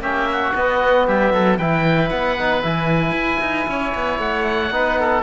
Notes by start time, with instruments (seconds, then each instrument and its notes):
0.00 cello A#3, trombone C#4, oboe G4 E5
0.32 oboe F#4
0.55 cello B3, trombone B3, oboe D#5
1.07 cello G3, oboe G4 E5
1.33 cello F#3, oboe A4
1.58 cello E3, trombone E4, oboe B4 G5
2.10 cello B3, oboe F#5
2.39 trombone D#4
2.63 cello E3, trombone E4, oboe G#5
3.12 cello E4
3.41 cello D#4
3.68 cello C#4, oboe C#5
3.95 cello B3
4.19 cello A3, oboe F#5
4.71 cello B3, trombone D#4, oboe B4
5.00 oboe A4